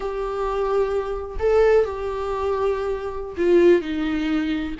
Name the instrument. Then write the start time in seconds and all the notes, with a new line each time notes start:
viola
0.00 G4
1.39 A4
1.85 G4
3.37 F4
3.81 D#4